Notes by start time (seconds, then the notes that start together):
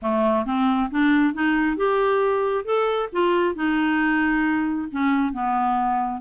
0.02 A3
0.45 C4
0.90 D4
1.34 D#4
1.76 G4
2.64 A4
3.12 F4
3.55 D#4
4.91 C#4
5.32 B3